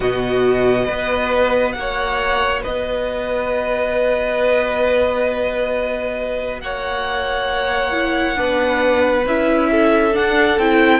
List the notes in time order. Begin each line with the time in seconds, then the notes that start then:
0.00 B2 B3 F#4 D#5
0.85 B3 F#4 B4
1.72 A#3 F#5
1.79 C#5
2.62 B3 B4 D#5
6.60 A#3 C#5 F#5
7.92 E4
8.36 B3 D4 B4
9.26 C#4 E4 E5
9.71 A4
10.12 D4 F#5
10.19 D4
10.58 C4 E4 G5